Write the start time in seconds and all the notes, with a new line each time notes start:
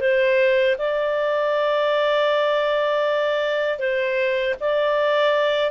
0.00 C5
0.78 D5
3.79 C5
4.60 D5